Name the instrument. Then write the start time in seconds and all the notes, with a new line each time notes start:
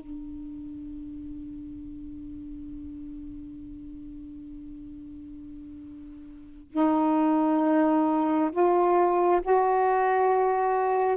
saxophone
0.00 D4
6.71 D#4
8.51 F4
9.42 F#4